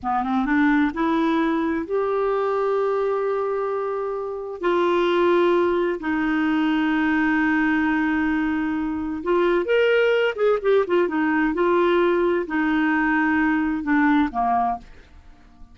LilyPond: \new Staff \with { instrumentName = "clarinet" } { \time 4/4 \tempo 4 = 130 b8 c'8 d'4 e'2 | g'1~ | g'2 f'2~ | f'4 dis'2.~ |
dis'1 | f'4 ais'4. gis'8 g'8 f'8 | dis'4 f'2 dis'4~ | dis'2 d'4 ais4 | }